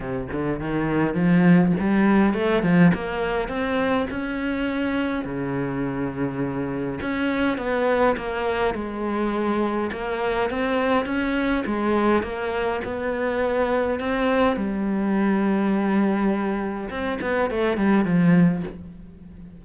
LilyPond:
\new Staff \with { instrumentName = "cello" } { \time 4/4 \tempo 4 = 103 c8 d8 dis4 f4 g4 | a8 f8 ais4 c'4 cis'4~ | cis'4 cis2. | cis'4 b4 ais4 gis4~ |
gis4 ais4 c'4 cis'4 | gis4 ais4 b2 | c'4 g2.~ | g4 c'8 b8 a8 g8 f4 | }